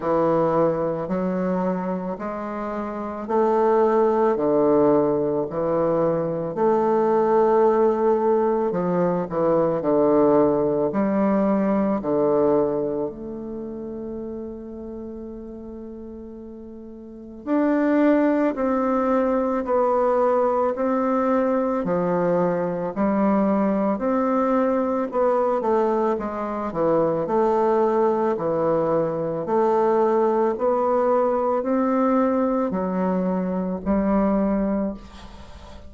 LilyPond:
\new Staff \with { instrumentName = "bassoon" } { \time 4/4 \tempo 4 = 55 e4 fis4 gis4 a4 | d4 e4 a2 | f8 e8 d4 g4 d4 | a1 |
d'4 c'4 b4 c'4 | f4 g4 c'4 b8 a8 | gis8 e8 a4 e4 a4 | b4 c'4 fis4 g4 | }